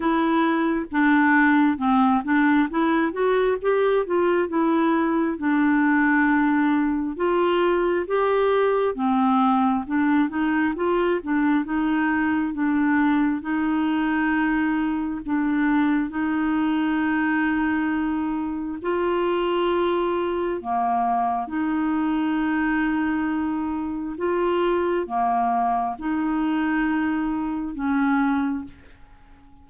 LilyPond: \new Staff \with { instrumentName = "clarinet" } { \time 4/4 \tempo 4 = 67 e'4 d'4 c'8 d'8 e'8 fis'8 | g'8 f'8 e'4 d'2 | f'4 g'4 c'4 d'8 dis'8 | f'8 d'8 dis'4 d'4 dis'4~ |
dis'4 d'4 dis'2~ | dis'4 f'2 ais4 | dis'2. f'4 | ais4 dis'2 cis'4 | }